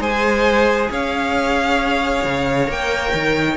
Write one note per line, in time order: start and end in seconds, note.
0.00 0.90 G#3
0.00 2.67 G#4
0.00 0.91 C5
0.00 0.92 G#5
0.91 2.25 C#4
0.91 3.58 C#5
0.91 2.72 F5
2.25 2.68 C#3
2.67 3.13 A#3
2.67 3.57 A#4
2.67 3.58 G5
3.14 3.58 D#3